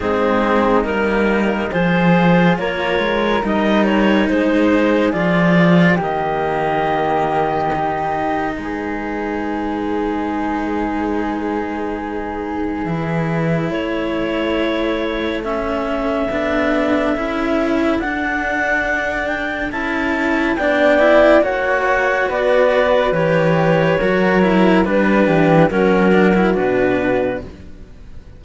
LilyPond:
<<
  \new Staff \with { instrumentName = "clarinet" } { \time 4/4 \tempo 4 = 70 gis'4 ais'4 c''4 cis''4 | dis''8 cis''8 c''4 d''4 dis''4~ | dis''2 b'2~ | b'1 |
cis''2 e''2~ | e''4 fis''4. g''8 a''4 | g''4 fis''4 d''4 cis''4~ | cis''4 b'4 ais'4 b'4 | }
  \new Staff \with { instrumentName = "flute" } { \time 4/4 dis'2 gis'4 ais'4~ | ais'4 gis'2 g'4~ | g'2 gis'2~ | gis'1 |
a'1~ | a'1 | d''4 cis''4 b'2 | ais'4 b'8 g'8 fis'2 | }
  \new Staff \with { instrumentName = "cello" } { \time 4/4 c'4 ais4 f'2 | dis'2 f'4 ais4~ | ais4 dis'2.~ | dis'2. e'4~ |
e'2 cis'4 d'4 | e'4 d'2 e'4 | d'8 e'8 fis'2 g'4 | fis'8 e'8 d'4 cis'8 d'16 e'16 d'4 | }
  \new Staff \with { instrumentName = "cello" } { \time 4/4 gis4 g4 f4 ais8 gis8 | g4 gis4 f4 dis4~ | dis2 gis2~ | gis2. e4 |
a2. b4 | cis'4 d'2 cis'4 | b4 ais4 b4 e4 | fis4 g8 e8 fis4 b,4 | }
>>